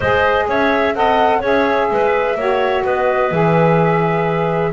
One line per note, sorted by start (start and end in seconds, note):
0.00 0.47 G#3
0.00 0.94 G#4
0.00 0.46 C5
0.00 0.47 D#5
0.47 0.94 C#4
0.47 0.95 C#5
0.47 0.94 E5
0.94 1.41 C4
0.94 1.41 A4
0.94 1.39 D#5
0.94 1.42 F#5
1.39 1.89 C#4
1.39 2.37 G#4
1.39 1.86 C#5
1.39 2.85 E5
1.90 2.35 G#3
1.90 2.38 B4
2.35 2.82 A#3
2.35 3.31 F#4
2.35 2.83 C#5
2.83 3.31 B3
2.83 4.72 B4
2.83 3.32 D#5
3.31 4.72 E3
3.31 4.72 G#4
3.31 4.72 E5